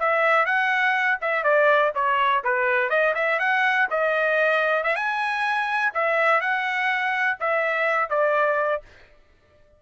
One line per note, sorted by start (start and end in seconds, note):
0.00 0.46 E5
0.46 1.19 F#5
1.21 1.44 E5
1.44 1.92 D5
1.95 2.43 C#5
2.44 2.90 B4
2.90 3.14 D#5
3.15 3.39 E5
3.40 3.88 F#5
3.91 4.84 D#5
4.84 4.96 E5
4.96 5.93 G#5
5.94 6.41 E5
6.41 7.38 F#5
7.40 8.10 E5
8.10 8.82 D5